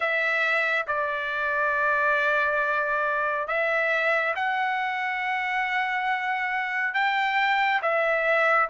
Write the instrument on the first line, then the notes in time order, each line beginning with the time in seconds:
trumpet
0.00 E5
0.87 D5
3.47 E5
4.35 F#5
6.94 G5
7.81 E5